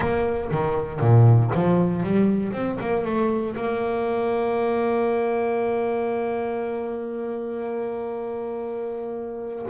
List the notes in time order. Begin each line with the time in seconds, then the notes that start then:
0.00 A#3
0.51 D#3
1.00 A#2
1.54 F3
2.03 G3
2.52 C4
2.80 A#3
3.04 A3
3.56 A#3